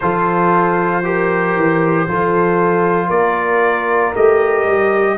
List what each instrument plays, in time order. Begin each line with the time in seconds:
0.00 tuba F3, trombone F4, horn A4, trumpet C5
1.03 trombone G4, horn A#4
1.55 tuba E3
2.07 tuba F3, trombone F4, horn A4
3.07 tuba A#3, horn A#4, trumpet D5
4.15 tuba A3, trombone G4, trumpet D#5
4.64 tuba G3